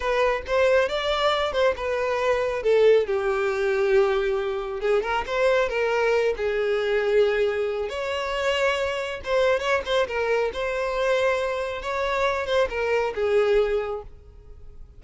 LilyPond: \new Staff \with { instrumentName = "violin" } { \time 4/4 \tempo 4 = 137 b'4 c''4 d''4. c''8 | b'2 a'4 g'4~ | g'2. gis'8 ais'8 | c''4 ais'4. gis'4.~ |
gis'2 cis''2~ | cis''4 c''4 cis''8 c''8 ais'4 | c''2. cis''4~ | cis''8 c''8 ais'4 gis'2 | }